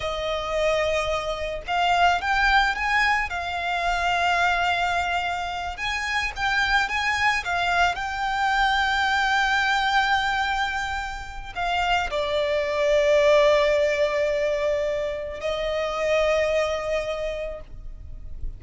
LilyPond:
\new Staff \with { instrumentName = "violin" } { \time 4/4 \tempo 4 = 109 dis''2. f''4 | g''4 gis''4 f''2~ | f''2~ f''8 gis''4 g''8~ | g''8 gis''4 f''4 g''4.~ |
g''1~ | g''4 f''4 d''2~ | d''1 | dis''1 | }